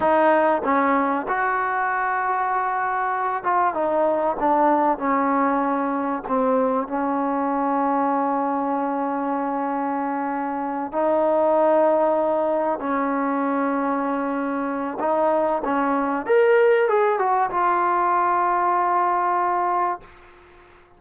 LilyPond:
\new Staff \with { instrumentName = "trombone" } { \time 4/4 \tempo 4 = 96 dis'4 cis'4 fis'2~ | fis'4. f'8 dis'4 d'4 | cis'2 c'4 cis'4~ | cis'1~ |
cis'4. dis'2~ dis'8~ | dis'8 cis'2.~ cis'8 | dis'4 cis'4 ais'4 gis'8 fis'8 | f'1 | }